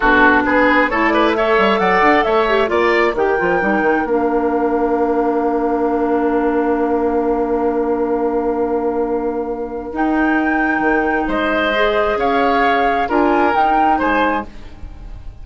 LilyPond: <<
  \new Staff \with { instrumentName = "flute" } { \time 4/4 \tempo 4 = 133 a'4 b'4 cis''8 d''8 e''4 | fis''4 e''4 d''4 g''4~ | g''4 f''2.~ | f''1~ |
f''1~ | f''2 g''2~ | g''4 dis''2 f''4~ | f''4 gis''4 g''4 gis''4 | }
  \new Staff \with { instrumentName = "oboe" } { \time 4/4 fis'4 gis'4 a'8 b'8 cis''4 | d''4 cis''4 d''4 ais'4~ | ais'1~ | ais'1~ |
ais'1~ | ais'1~ | ais'4 c''2 cis''4~ | cis''4 ais'2 c''4 | }
  \new Staff \with { instrumentName = "clarinet" } { \time 4/4 d'2 e'4 a'4~ | a'4. g'8 f'4 g'8 f'8 | dis'4 d'2.~ | d'1~ |
d'1~ | d'2 dis'2~ | dis'2 gis'2~ | gis'4 f'4 dis'2 | }
  \new Staff \with { instrumentName = "bassoon" } { \time 4/4 b,4 b4 a4. g8 | fis8 d'8 a4 ais4 dis8 f8 | g8 dis8 ais2.~ | ais1~ |
ais1~ | ais2 dis'2 | dis4 gis2 cis'4~ | cis'4 d'4 dis'4 gis4 | }
>>